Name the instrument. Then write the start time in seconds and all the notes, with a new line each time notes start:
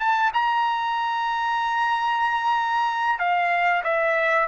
trumpet
0.00 A5
0.34 A#5
3.20 F5
3.84 E5